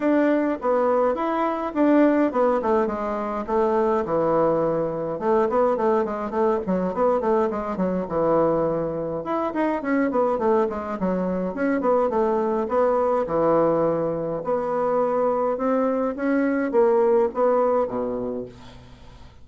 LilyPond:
\new Staff \with { instrumentName = "bassoon" } { \time 4/4 \tempo 4 = 104 d'4 b4 e'4 d'4 | b8 a8 gis4 a4 e4~ | e4 a8 b8 a8 gis8 a8 fis8 | b8 a8 gis8 fis8 e2 |
e'8 dis'8 cis'8 b8 a8 gis8 fis4 | cis'8 b8 a4 b4 e4~ | e4 b2 c'4 | cis'4 ais4 b4 b,4 | }